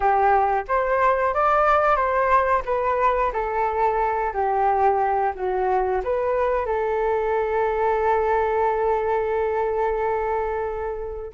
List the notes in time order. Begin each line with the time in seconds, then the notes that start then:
0.00 G4
0.68 C5
1.33 D5
1.95 C5
2.65 B4
3.32 A4
4.33 G4
5.35 F#4
6.04 B4
6.65 A4